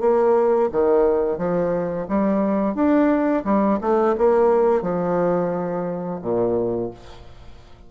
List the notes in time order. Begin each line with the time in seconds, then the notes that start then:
0.00 A#3
0.71 D#3
1.38 F3
2.08 G3
2.74 D4
3.44 G3
3.81 A3
4.18 A#3
4.81 F3
6.21 A#2